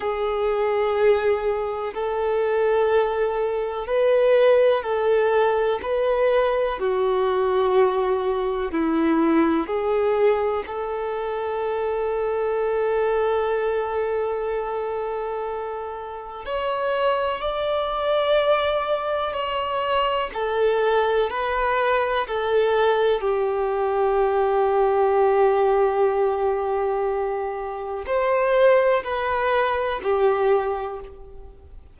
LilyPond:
\new Staff \with { instrumentName = "violin" } { \time 4/4 \tempo 4 = 62 gis'2 a'2 | b'4 a'4 b'4 fis'4~ | fis'4 e'4 gis'4 a'4~ | a'1~ |
a'4 cis''4 d''2 | cis''4 a'4 b'4 a'4 | g'1~ | g'4 c''4 b'4 g'4 | }